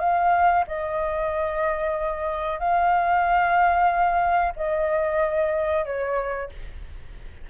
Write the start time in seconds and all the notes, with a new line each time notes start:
0.00 F5
0.68 D#5
2.60 F5
4.56 D#5
5.86 C#5